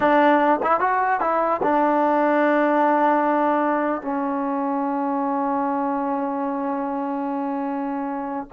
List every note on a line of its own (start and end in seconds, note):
0.00 0.60 D4
0.62 0.80 E4
0.80 1.20 F#4
1.20 1.61 E4
1.62 4.01 D4
4.01 8.47 C#4